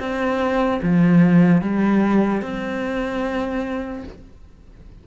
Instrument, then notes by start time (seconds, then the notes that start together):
cello
0.00 C4
0.83 F3
1.62 G3
2.42 C4